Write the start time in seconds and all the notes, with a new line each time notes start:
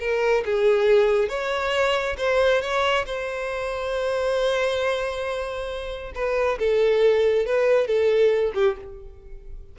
0.00 A#4
0.45 G#4
1.29 C#5
2.18 C5
2.62 C#5
3.06 C5
6.15 B4
6.59 A4
7.46 B4
7.87 A4
8.54 G4